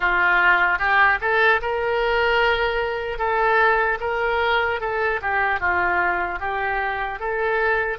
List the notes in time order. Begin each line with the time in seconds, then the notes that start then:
0.00 F4
0.79 G4
1.20 A4
1.61 A#4
3.18 A4
4.00 A#4
4.80 A4
5.21 G4
5.60 F4
6.39 G4
7.19 A4